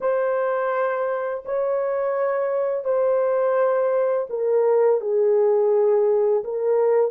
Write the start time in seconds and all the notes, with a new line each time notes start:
0.01 C5
1.44 C#5
2.84 C5
4.29 A#4
5.00 G#4
6.44 A#4